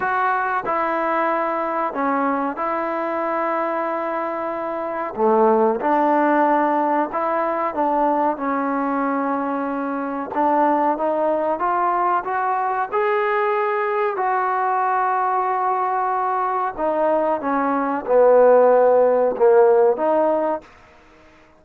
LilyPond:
\new Staff \with { instrumentName = "trombone" } { \time 4/4 \tempo 4 = 93 fis'4 e'2 cis'4 | e'1 | a4 d'2 e'4 | d'4 cis'2. |
d'4 dis'4 f'4 fis'4 | gis'2 fis'2~ | fis'2 dis'4 cis'4 | b2 ais4 dis'4 | }